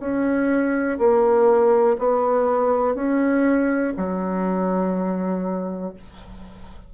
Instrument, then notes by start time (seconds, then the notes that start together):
bassoon
0.00 C#4
0.98 A#3
1.99 B3
2.95 C#4
3.97 F#3